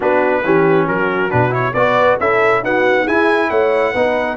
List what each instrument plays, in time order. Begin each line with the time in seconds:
0.00 tuba B3, trombone D4, horn F#4, trumpet B4
0.44 tuba E3, trombone C#4, horn G4
0.86 tuba F#3, horn F#4, trumpet A#4
1.30 tuba B2, trombone D4, trumpet B4
1.50 trombone E4, trumpet C#5
1.73 tuba B3, trombone F#4, horn B4, trumpet D5
2.20 tuba C#4, trombone E4, horn A4, trumpet E5
2.62 trombone B3, tuba D#4, horn F#4, trumpet F#5
3.03 tuba E4, trombone E4, horn G#4, trumpet G#5
3.49 tuba A3, horn C#5, trumpet F#5
3.92 tuba B3, trombone D#4, horn B4